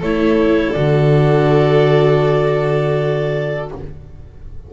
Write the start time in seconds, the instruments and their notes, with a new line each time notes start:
0.00 double bass A3, viola E4, violin A4, clarinet C#5
0.72 double bass D3, viola F#4, clarinet D5